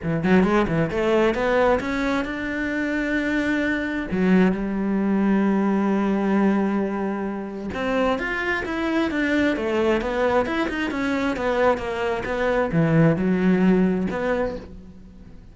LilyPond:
\new Staff \with { instrumentName = "cello" } { \time 4/4 \tempo 4 = 132 e8 fis8 gis8 e8 a4 b4 | cis'4 d'2.~ | d'4 fis4 g2~ | g1~ |
g4 c'4 f'4 e'4 | d'4 a4 b4 e'8 dis'8 | cis'4 b4 ais4 b4 | e4 fis2 b4 | }